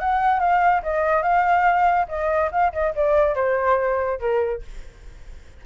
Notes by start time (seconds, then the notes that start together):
0.00 F#5
0.40 F5
0.83 D#5
1.23 F5
2.09 D#5
2.52 F5
2.73 D#5
2.95 D5
3.35 C5
4.20 A#4